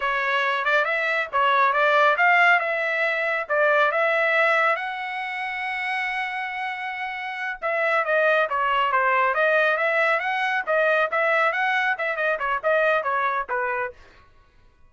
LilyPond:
\new Staff \with { instrumentName = "trumpet" } { \time 4/4 \tempo 4 = 138 cis''4. d''8 e''4 cis''4 | d''4 f''4 e''2 | d''4 e''2 fis''4~ | fis''1~ |
fis''4. e''4 dis''4 cis''8~ | cis''8 c''4 dis''4 e''4 fis''8~ | fis''8 dis''4 e''4 fis''4 e''8 | dis''8 cis''8 dis''4 cis''4 b'4 | }